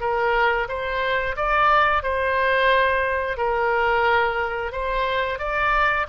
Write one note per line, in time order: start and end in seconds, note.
0.00 0.67 A#4
0.68 1.35 C5
1.36 2.03 D5
2.03 3.37 C5
3.37 4.72 A#4
4.72 5.38 C5
5.38 6.06 D5